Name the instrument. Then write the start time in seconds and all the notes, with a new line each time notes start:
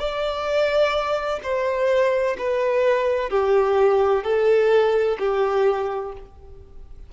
violin
0.00 D5
1.43 C5
2.39 B4
3.31 G4
4.24 A4
5.19 G4